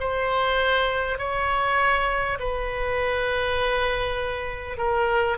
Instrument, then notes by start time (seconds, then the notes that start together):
oboe
0.00 C5
1.18 C#5
2.40 B4
4.78 A#4